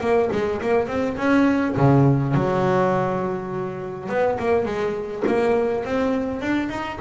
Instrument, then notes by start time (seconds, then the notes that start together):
double bass
0.00 A#3
0.32 G#3
0.61 A#3
0.87 C4
1.17 C#4
1.77 C#3
2.34 F#3
4.09 B3
4.39 A#3
4.65 G#3
5.27 A#3
5.84 C4
6.41 D4
6.69 D#4